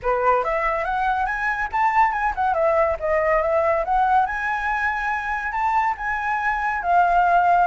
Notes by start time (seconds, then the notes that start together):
0.02 B4
0.44 E5
0.84 F#5
1.26 G#5
1.72 A5
2.11 G#5
2.35 F#5
2.54 E5
2.99 D#5
3.42 E5
3.84 F#5
4.26 G#5
5.52 A5
5.97 G#5
6.82 F5